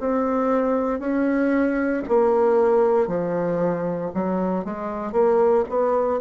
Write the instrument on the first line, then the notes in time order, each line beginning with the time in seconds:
bassoon
0.00 C4
1.00 C#4
2.08 A#3
3.08 F3
4.14 F#3
4.65 G#3
5.13 A#3
5.69 B3